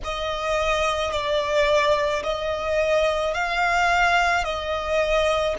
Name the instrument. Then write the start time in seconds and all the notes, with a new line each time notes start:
violin
0.04 D#5
1.11 D5
2.23 D#5
3.33 F5
4.44 D#5